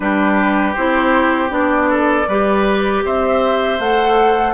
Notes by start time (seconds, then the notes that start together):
0.00 G3 D4 G4 B4
0.74 C4 E4 C5
1.49 B3 D4 D5
1.90 A4
2.27 G3 G4 B4
3.05 C4 C5 E5
3.79 A3 A4 F#5